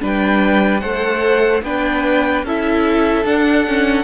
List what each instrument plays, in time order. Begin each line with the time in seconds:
0.00 cello G3, viola D4, violin B4 G5
0.80 cello A3, viola A4, violin C5 F#5
1.62 cello B3, viola D4, violin B4 G5
2.43 cello C#4, viola E4, violin A4 E5
3.24 viola D4, cello D4, violin F#5
3.67 viola C#4